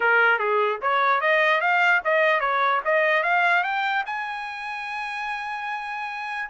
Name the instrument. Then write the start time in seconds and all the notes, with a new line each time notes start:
trumpet
0.00 A#4
0.39 G#4
0.81 C#5
1.20 D#5
1.60 F5
2.04 D#5
2.40 C#5
2.84 D#5
3.23 F5
3.63 G5
4.06 G#5